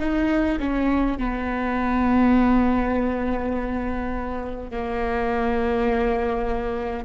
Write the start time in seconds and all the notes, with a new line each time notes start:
0.00 D#4
0.60 C#4
1.18 B3
4.71 A#3